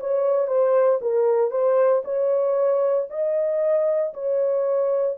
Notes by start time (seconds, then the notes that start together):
0.00 C#5
0.47 C5
1.02 A#4
1.51 C5
2.05 C#5
3.10 D#5
4.14 C#5